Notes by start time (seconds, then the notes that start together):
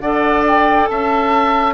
0.00 D4 A4 D5 F#5
0.48 G5
0.87 C#4 E5 A5